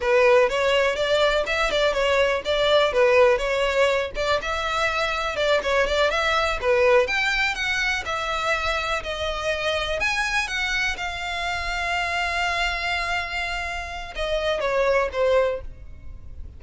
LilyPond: \new Staff \with { instrumentName = "violin" } { \time 4/4 \tempo 4 = 123 b'4 cis''4 d''4 e''8 d''8 | cis''4 d''4 b'4 cis''4~ | cis''8 d''8 e''2 d''8 cis''8 | d''8 e''4 b'4 g''4 fis''8~ |
fis''8 e''2 dis''4.~ | dis''8 gis''4 fis''4 f''4.~ | f''1~ | f''4 dis''4 cis''4 c''4 | }